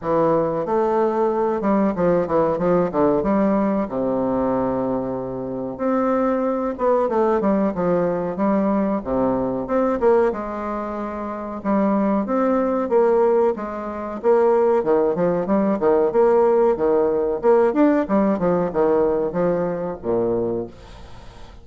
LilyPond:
\new Staff \with { instrumentName = "bassoon" } { \time 4/4 \tempo 4 = 93 e4 a4. g8 f8 e8 | f8 d8 g4 c2~ | c4 c'4. b8 a8 g8 | f4 g4 c4 c'8 ais8 |
gis2 g4 c'4 | ais4 gis4 ais4 dis8 f8 | g8 dis8 ais4 dis4 ais8 d'8 | g8 f8 dis4 f4 ais,4 | }